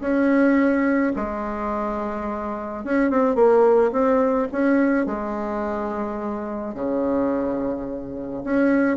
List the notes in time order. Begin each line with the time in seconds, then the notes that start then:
0.00 C#4
1.16 G#3
2.84 C#4
3.10 C4
3.35 A#3
3.92 C4
4.52 C#4
5.06 G#3
6.74 C#3
8.44 C#4